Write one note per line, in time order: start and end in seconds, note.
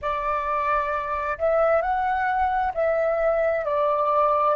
0.01 1.38 D5
1.38 1.81 E5
1.81 2.72 F#5
2.74 3.65 E5
3.65 4.55 D5